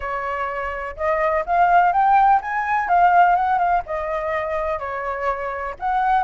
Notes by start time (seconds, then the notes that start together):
0.00 C#5
0.96 D#5
1.46 F5
1.92 G5
2.41 G#5
2.88 F5
3.35 F#5
3.58 F5
3.86 D#5
4.79 C#5
5.79 F#5